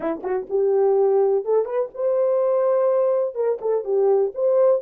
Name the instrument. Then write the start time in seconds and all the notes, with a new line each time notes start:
horn
0.00 E4
0.23 F#4
0.49 G4
1.44 A4
1.65 B4
1.94 C5
3.34 A#4
3.61 A4
3.84 G4
4.34 C5